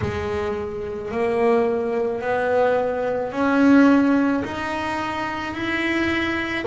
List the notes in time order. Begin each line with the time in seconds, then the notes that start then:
0.01 G#3
1.11 A#3
2.21 B3
3.32 C#4
4.44 D#4
5.54 E4